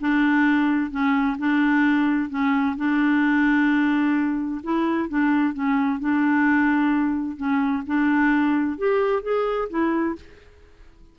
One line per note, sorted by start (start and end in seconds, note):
0.00 0.90 D4
0.90 1.37 C#4
1.38 2.29 D4
2.29 2.75 C#4
2.77 4.61 D4
4.63 5.08 E4
5.08 5.53 D4
5.53 5.99 C#4
5.99 7.37 D4
7.37 7.83 C#4
7.86 8.78 D4
8.78 9.22 G4
9.22 9.68 G#4
9.69 10.15 E4